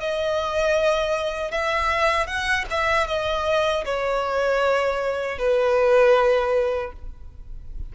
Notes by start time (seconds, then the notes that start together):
0.00 D#5
1.51 E5
2.27 F#5
2.71 E5
3.07 D#5
3.85 C#5
5.38 B4